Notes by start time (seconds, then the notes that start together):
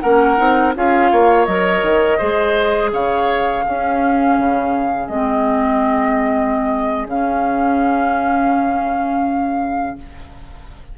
0.00 A#3 C#4 A#4 F#5
0.37 C4 D#4
0.75 C#4 F4 G#4 F5
1.11 A#3 C#5
1.45 F#3 A#4 D#5
1.82 D#3
2.17 G#3 G#4 C5
2.92 C#3 C#5 F5
3.65 C#4 G#4
4.38 C#3
5.08 G#3 C4 D#5
7.06 C#3 C#4 F5